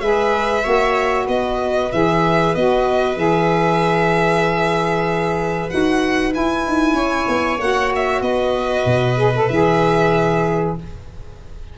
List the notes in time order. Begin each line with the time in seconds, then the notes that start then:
0.00 G#3 G#4 B4 E5
0.63 A#3 F#4 C#5
1.25 B3 B4 D#5
1.92 E3 G#4 E5
2.55 B3 F#4 D#5
3.16 E3 G#4 E5
5.69 D#4 F#4 F#5
6.31 E4 G#5
6.67 D#4
6.93 C#4 C#5
7.28 B3
7.58 A#3 F#4 F#5
7.95 E5
8.21 B3 B4 D#5
8.85 B2
9.16 G#4
9.35 A4
9.48 E3 G#4 E5